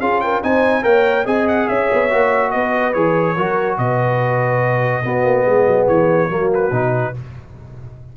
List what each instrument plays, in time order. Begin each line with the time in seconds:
0.00 tuba C#4, trombone F4, horn G#4, trumpet F5
0.20 horn A#4, trumpet G5
0.42 tuba C4, trombone D#4, horn C5, trumpet G#5
0.82 tuba A#3, trombone A#4, horn C#5, trumpet G5
1.25 tuba C4, trombone G#4, horn D#5, trumpet G#5
1.48 trumpet F#5
1.67 tuba C#4, horn C#5, trumpet E5
1.92 tuba B3
2.09 tuba A#3, trombone F#4
2.51 tuba B3, horn B4, trumpet D#5
2.93 tuba E3, trombone G#4, trumpet C#5
3.35 tuba F#3, trombone F#4, horn A#4
3.78 tuba B2, horn B4, trumpet D#5
5.03 trombone B3, tuba B3, horn F#4
5.24 tuba A#3
5.45 tuba G#3, horn G#4
5.66 tuba F#3
5.87 tuba E3, trumpet C#5
6.29 tuba F#3, trombone A#3, horn F#4
6.54 trumpet B4
6.71 tuba B2, trombone D#4